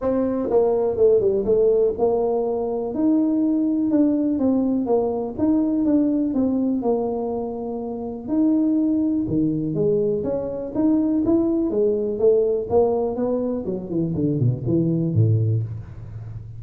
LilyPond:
\new Staff \with { instrumentName = "tuba" } { \time 4/4 \tempo 4 = 123 c'4 ais4 a8 g8 a4 | ais2 dis'2 | d'4 c'4 ais4 dis'4 | d'4 c'4 ais2~ |
ais4 dis'2 dis4 | gis4 cis'4 dis'4 e'4 | gis4 a4 ais4 b4 | fis8 e8 d8 b,8 e4 a,4 | }